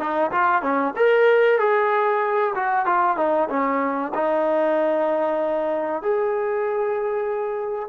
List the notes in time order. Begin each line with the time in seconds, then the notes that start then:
0.00 D#4
0.32 F4
0.63 C#4
0.96 A#4
1.59 G#4
2.56 F#4
2.87 F4
3.18 D#4
3.50 C#4
4.15 D#4
6.03 G#4